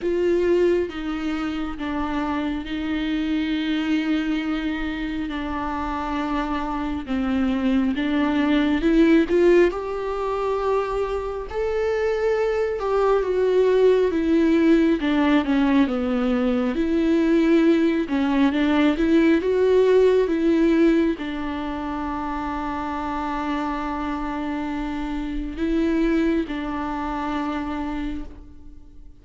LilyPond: \new Staff \with { instrumentName = "viola" } { \time 4/4 \tempo 4 = 68 f'4 dis'4 d'4 dis'4~ | dis'2 d'2 | c'4 d'4 e'8 f'8 g'4~ | g'4 a'4. g'8 fis'4 |
e'4 d'8 cis'8 b4 e'4~ | e'8 cis'8 d'8 e'8 fis'4 e'4 | d'1~ | d'4 e'4 d'2 | }